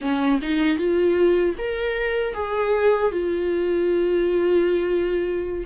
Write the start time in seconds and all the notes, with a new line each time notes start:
0.01 C#4
0.41 D#4
0.78 F4
1.58 A#4
2.34 G#4
3.11 F4